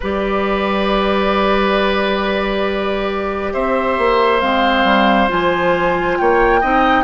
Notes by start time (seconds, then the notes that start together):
0.00 G3 G4 B4 D5
3.53 C4 C5 E5
3.98 A#3
4.40 G#3 C4 F5
4.84 G3
5.28 F3 F4 G#5
6.18 A#3 C#5 G5
6.60 C4 D#4 D#5